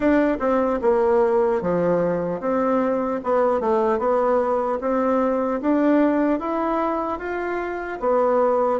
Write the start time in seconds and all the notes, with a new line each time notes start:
0.00 D4
0.39 C4
0.81 A#3
1.61 F3
2.40 C4
3.23 B3
3.60 A3
3.99 B3
4.80 C4
5.61 D4
6.39 E4
7.18 F4
8.00 B3